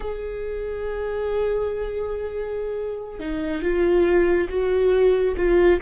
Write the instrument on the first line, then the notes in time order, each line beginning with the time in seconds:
viola
0.00 G#4
3.19 D#4
3.61 F4
4.49 F#4
5.36 F4